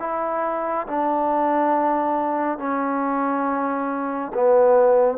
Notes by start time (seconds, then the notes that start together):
0.00 E4
0.87 D4
2.58 C#4
4.34 B3